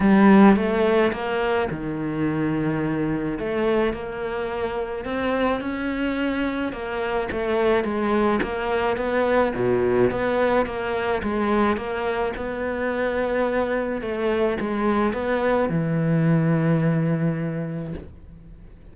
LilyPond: \new Staff \with { instrumentName = "cello" } { \time 4/4 \tempo 4 = 107 g4 a4 ais4 dis4~ | dis2 a4 ais4~ | ais4 c'4 cis'2 | ais4 a4 gis4 ais4 |
b4 b,4 b4 ais4 | gis4 ais4 b2~ | b4 a4 gis4 b4 | e1 | }